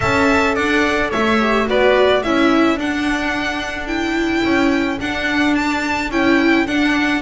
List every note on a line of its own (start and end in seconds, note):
0.00 0.56 C#4
0.00 1.39 A4
0.00 0.55 E5
0.00 0.55 A5
0.55 1.12 D4
0.55 1.09 D5
0.55 1.11 F#5
1.09 1.68 A3
1.09 1.65 C#5
1.09 1.67 E5
1.39 1.66 G4
1.66 2.23 B3
1.66 2.21 F#4
1.66 2.23 B4
1.66 2.22 D5
2.22 2.76 C#4
2.22 2.78 E4
2.22 7.21 A4
2.22 2.78 E5
2.76 4.42 D4
2.76 3.87 D4
2.76 3.87 F#5
3.87 4.98 E4
3.87 4.98 G5
4.44 4.99 C#4
4.99 6.10 D4
4.99 6.11 D4
4.99 5.55 F#5
5.55 6.10 A5
6.10 6.66 C#4
6.10 6.67 E4
6.10 6.66 G5
6.66 7.21 D4
6.66 7.21 F#5